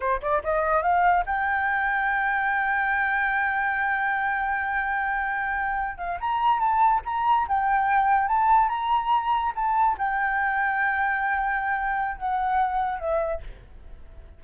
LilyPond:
\new Staff \with { instrumentName = "flute" } { \time 4/4 \tempo 4 = 143 c''8 d''8 dis''4 f''4 g''4~ | g''1~ | g''1~ | g''2~ g''16 f''8 ais''4 a''16~ |
a''8. ais''4 g''2 a''16~ | a''8. ais''2 a''4 g''16~ | g''1~ | g''4 fis''2 e''4 | }